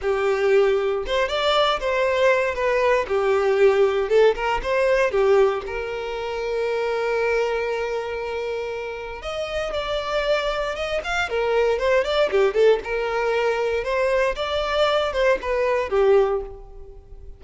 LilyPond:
\new Staff \with { instrumentName = "violin" } { \time 4/4 \tempo 4 = 117 g'2 c''8 d''4 c''8~ | c''4 b'4 g'2 | a'8 ais'8 c''4 g'4 ais'4~ | ais'1~ |
ais'2 dis''4 d''4~ | d''4 dis''8 f''8 ais'4 c''8 d''8 | g'8 a'8 ais'2 c''4 | d''4. c''8 b'4 g'4 | }